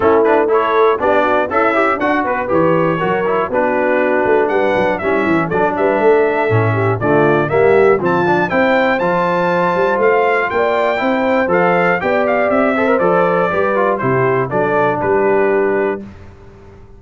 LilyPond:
<<
  \new Staff \with { instrumentName = "trumpet" } { \time 4/4 \tempo 4 = 120 a'8 b'8 cis''4 d''4 e''4 | fis''8 b'8 cis''2 b'4~ | b'4 fis''4 e''4 d''8 e''8~ | e''2 d''4 e''4 |
a''4 g''4 a''2 | f''4 g''2 f''4 | g''8 f''8 e''4 d''2 | c''4 d''4 b'2 | }
  \new Staff \with { instrumentName = "horn" } { \time 4/4 e'4 a'4 g'8 fis'8 e'4 | d'8 b'4. ais'4 fis'4~ | fis'4 b'4 e'4 a'8 b'8 | a'4. g'8 f'4 g'4 |
f'4 c''2.~ | c''4 d''4 c''2 | d''4. c''4. b'4 | g'4 a'4 g'2 | }
  \new Staff \with { instrumentName = "trombone" } { \time 4/4 cis'8 d'8 e'4 d'4 a'8 g'8 | fis'4 g'4 fis'8 e'8 d'4~ | d'2 cis'4 d'4~ | d'4 cis'4 a4 ais4 |
c'8 d'8 e'4 f'2~ | f'2 e'4 a'4 | g'4. a'16 ais'16 a'4 g'8 f'8 | e'4 d'2. | }
  \new Staff \with { instrumentName = "tuba" } { \time 4/4 a2 b4 cis'4 | d'8 b8 e4 fis4 b4~ | b8 a8 g8 fis8 g8 e8 fis8 g8 | a4 a,4 d4 g4 |
f4 c'4 f4. g8 | a4 ais4 c'4 f4 | b4 c'4 f4 g4 | c4 fis4 g2 | }
>>